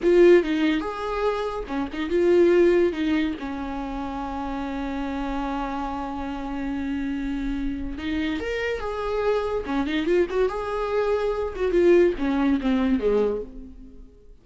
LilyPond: \new Staff \with { instrumentName = "viola" } { \time 4/4 \tempo 4 = 143 f'4 dis'4 gis'2 | cis'8 dis'8 f'2 dis'4 | cis'1~ | cis'1~ |
cis'2. dis'4 | ais'4 gis'2 cis'8 dis'8 | f'8 fis'8 gis'2~ gis'8 fis'8 | f'4 cis'4 c'4 gis4 | }